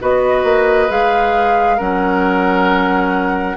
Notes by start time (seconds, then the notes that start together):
0.00 B3 F#4 B4 D#5
0.44 A#3
0.89 G#3 G#4 F5
1.77 F#3 C#4 A#4 F#5